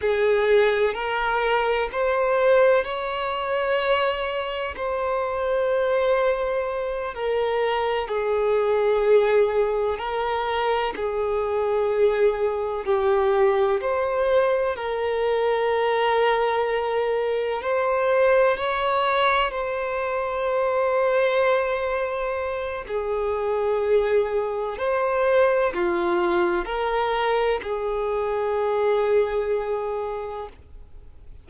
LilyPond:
\new Staff \with { instrumentName = "violin" } { \time 4/4 \tempo 4 = 63 gis'4 ais'4 c''4 cis''4~ | cis''4 c''2~ c''8 ais'8~ | ais'8 gis'2 ais'4 gis'8~ | gis'4. g'4 c''4 ais'8~ |
ais'2~ ais'8 c''4 cis''8~ | cis''8 c''2.~ c''8 | gis'2 c''4 f'4 | ais'4 gis'2. | }